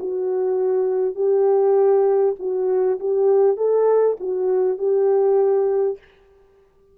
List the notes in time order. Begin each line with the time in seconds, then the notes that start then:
0.00 F#4
1.16 G4
2.39 F#4
3.00 G4
3.57 A4
4.21 F#4
4.79 G4